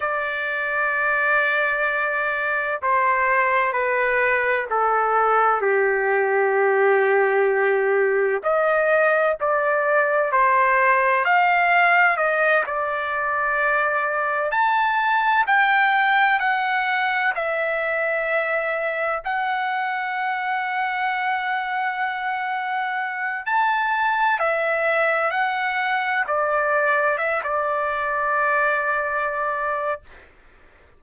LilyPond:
\new Staff \with { instrumentName = "trumpet" } { \time 4/4 \tempo 4 = 64 d''2. c''4 | b'4 a'4 g'2~ | g'4 dis''4 d''4 c''4 | f''4 dis''8 d''2 a''8~ |
a''8 g''4 fis''4 e''4.~ | e''8 fis''2.~ fis''8~ | fis''4 a''4 e''4 fis''4 | d''4 e''16 d''2~ d''8. | }